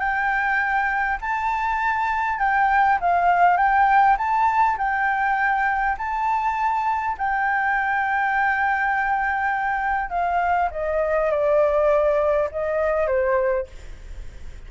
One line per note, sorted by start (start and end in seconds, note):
0.00 1.19 G5
1.21 2.40 A5
2.40 2.99 G5
3.01 3.58 F5
3.58 4.17 G5
4.18 4.78 A5
4.78 5.97 G5
5.98 7.17 A5
7.18 10.10 G5
10.10 10.70 F5
10.71 11.31 D#5
11.31 12.50 D5
12.52 13.07 D#5
13.07 13.67 C5